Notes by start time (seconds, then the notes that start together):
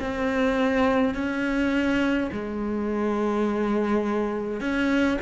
0.00 C4
1.15 C#4
2.32 G#3
4.61 C#4